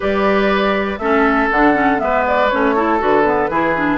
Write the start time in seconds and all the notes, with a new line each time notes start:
0.00 G3 G4 B4 D5
0.98 A3 C#4 A4 E5
1.51 D3 D4 F#5
1.74 C#4
1.97 G#3 B3 B4 E5
2.27 D5
2.49 A3 C#4 C#5
2.75 E4 A4
2.99 D3 F#4 B4
3.24 B3
3.49 E3 E4 G#4
3.75 D4